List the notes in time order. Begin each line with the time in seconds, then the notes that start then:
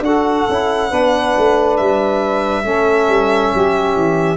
0.00 D4 F#4 A4 F#5
0.49 C#4 E4
0.89 B3 D4 B4
1.37 A3
1.76 G3 E5
2.64 A3 C#4 A4
3.08 G3
3.53 F#3 G4
3.95 E3